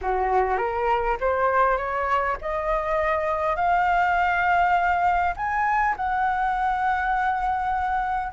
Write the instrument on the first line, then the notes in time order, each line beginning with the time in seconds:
flute
0.01 F#4
0.57 A#4
1.20 C5
1.77 C#5
2.41 D#5
3.56 F5
5.36 G#5
5.96 F#5